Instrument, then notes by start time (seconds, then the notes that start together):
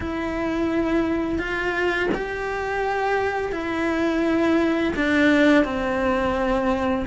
cello
0.00 E4
1.38 F4
2.14 G4
3.51 E4
4.95 D4
5.64 C4